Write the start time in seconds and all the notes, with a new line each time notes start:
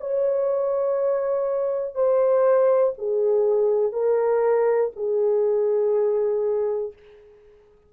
0.00 C#5
1.95 C5
2.98 G#4
3.93 A#4
4.96 G#4